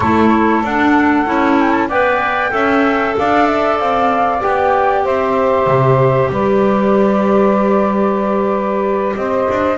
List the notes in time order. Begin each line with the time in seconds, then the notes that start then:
0.00 A3 E4 A4 C#5
0.62 D4 F#5
1.26 C#4 E4
1.59 G5
1.72 A5
1.87 B3 B4 D5 G5
2.50 C#4 A4 E5
3.18 D4 D5 F5
3.46 E5
3.79 C4 F5
4.40 B3 G4 G5
5.04 C4 C5 E5
5.67 C3
6.30 G3 B4 D5
9.14 C4 C5 D#5
9.50 D4